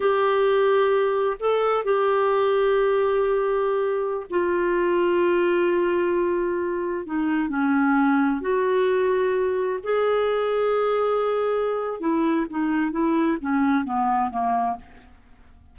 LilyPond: \new Staff \with { instrumentName = "clarinet" } { \time 4/4 \tempo 4 = 130 g'2. a'4 | g'1~ | g'4~ g'16 f'2~ f'8.~ | f'2.~ f'16 dis'8.~ |
dis'16 cis'2 fis'4.~ fis'16~ | fis'4~ fis'16 gis'2~ gis'8.~ | gis'2 e'4 dis'4 | e'4 cis'4 b4 ais4 | }